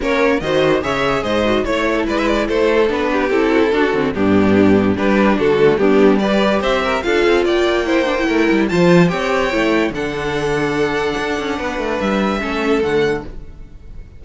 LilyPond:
<<
  \new Staff \with { instrumentName = "violin" } { \time 4/4 \tempo 4 = 145 cis''4 dis''4 e''4 dis''4 | cis''4 d''16 e''16 d''8 c''4 b'4 | a'2 g'2 | b'4 a'4 g'4 d''4 |
e''4 f''4 g''2~ | g''4 a''4 g''2 | fis''1~ | fis''4 e''2 fis''4 | }
  \new Staff \with { instrumentName = "violin" } { \time 4/4 ais'4 c''4 cis''4 c''4 | cis''8. a'16 b'4 a'4. g'8~ | g'8 fis'16 e'16 fis'4 d'2 | g'4 fis'4 d'4 b'4 |
c''8 ais'8 a'4 d''4 c''4 | ais'4 c''4 cis''2 | a'1 | b'2 a'2 | }
  \new Staff \with { instrumentName = "viola" } { \time 4/4 cis'4 fis'4 gis'4. fis'8 | e'2. d'4 | e'4 d'8 c'8 b2 | d'4. a8 b4 g'4~ |
g'4 f'2 e'8 d'16 e'16~ | e'4 f'4 g'4 e'4 | d'1~ | d'2 cis'4 a4 | }
  \new Staff \with { instrumentName = "cello" } { \time 4/4 ais4 dis4 cis4 gis,4 | a4 gis4 a4 b4 | c'4 d'8 d8 g,2 | g4 d4 g2 |
c'4 d'8 c'8 ais2 | a8 g8 f4 c'4 a4 | d2. d'8 cis'8 | b8 a8 g4 a4 d4 | }
>>